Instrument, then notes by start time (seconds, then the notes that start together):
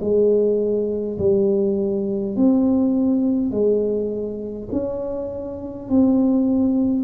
tuba
0.00 G#3
1.18 G3
2.36 C4
3.51 G#3
4.72 C#4
5.89 C4